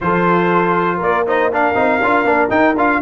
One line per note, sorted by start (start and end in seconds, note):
0.00 0.99 F3
0.00 1.26 F4
0.00 0.97 A4
0.00 1.00 C5
0.97 1.74 A#3
0.97 1.22 A#4
0.97 1.27 D5
1.26 1.51 D#4
1.26 1.51 C5
1.26 1.53 D#5
1.51 1.74 D4
1.51 3.01 A#4
1.51 2.50 F5
1.74 2.00 C4
1.74 1.99 D#4
2.01 2.24 D4
2.01 2.25 F4
2.24 2.49 A#3
2.24 2.49 D4
2.49 2.74 D#4
2.49 2.75 D#4
2.49 2.75 G5
2.76 3.01 D4
2.76 3.01 F4
2.76 3.01 F5